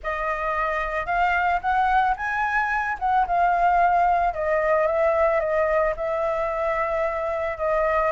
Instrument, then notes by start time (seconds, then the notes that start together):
flute
0.03 D#5
1.06 F5
1.61 F#5
2.16 G#5
2.99 F#5
3.26 F5
4.34 D#5
4.86 E5
5.40 D#5
5.96 E5
7.57 D#5